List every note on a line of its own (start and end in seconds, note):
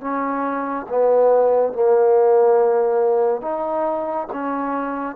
0.00 0.86 C#4
0.89 1.73 B3
1.73 3.41 A#3
3.41 4.27 D#4
4.32 5.15 C#4